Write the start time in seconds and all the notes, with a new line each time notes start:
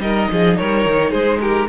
0.00 G3 D#4 A#4 D#5
0.32 F3 G#4
0.57 G3 A#4 C#5
0.86 D#3
1.11 G#3 G#4 C5
1.41 G4 A#4